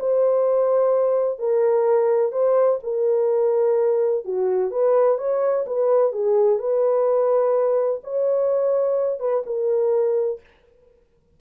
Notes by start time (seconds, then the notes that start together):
0.00 C5
1.39 A#4
2.32 C5
2.84 A#4
4.25 F#4
4.72 B4
5.19 C#5
5.67 B4
6.13 G#4
6.59 B4
8.04 C#5
9.20 B4
9.46 A#4